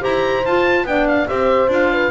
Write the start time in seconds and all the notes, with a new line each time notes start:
0.00 E4 G4 C5 A#5
0.46 F4 A5
0.84 B3 D4 D5 G5
1.08 F5
1.27 C4 G4 C5 E5
1.68 D4 F4 F5
1.92 B4